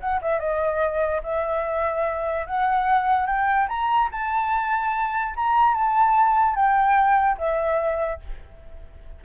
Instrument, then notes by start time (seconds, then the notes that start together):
flute
0.00 F#5
0.22 E5
0.40 D#5
1.23 E5
2.47 F#5
3.27 G5
3.69 A#5
4.12 A5
5.36 A#5
5.75 A5
6.55 G5
7.38 E5